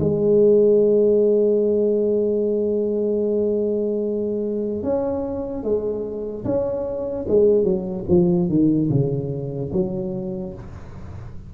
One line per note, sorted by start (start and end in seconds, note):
0.00 4.83 G#3
4.83 5.64 C#4
5.64 6.45 G#3
6.45 7.26 C#4
7.28 7.64 G#3
7.64 8.05 F#3
8.09 8.49 F3
8.49 8.90 D#3
8.90 9.71 C#3
9.73 10.54 F#3